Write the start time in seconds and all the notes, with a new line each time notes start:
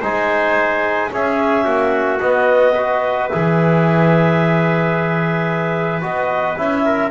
0.00 G#3 D#4 C5 G#5
1.10 C#4 G#4 E5
1.64 A#3 F#4
2.20 B3 D#5
2.74 F#4 B4
3.29 E3 G#4 E5
6.01 B3 F#4 D#5
6.57 C#4 E4 E5
6.85 A#4